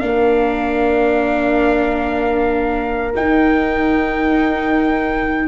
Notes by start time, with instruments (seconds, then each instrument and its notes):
0.00 tuba A#3, viola D4, horn A#4, trumpet F5
3.15 viola D#4, tuba D#4, trumpet G5